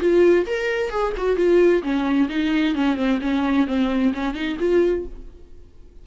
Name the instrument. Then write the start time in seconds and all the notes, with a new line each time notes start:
viola
0.00 F4
0.46 A#4
0.90 G#4
1.17 F#4
1.37 F4
1.83 C#4
2.29 D#4
2.75 C#4
2.97 C4
3.21 C#4
3.67 C4
4.14 C#4
4.34 D#4
4.59 F4